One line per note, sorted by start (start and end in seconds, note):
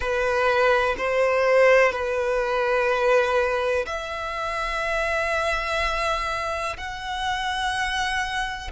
0.00 0.95 B4
0.97 1.91 C5
1.91 3.85 B4
3.86 6.76 E5
6.77 8.71 F#5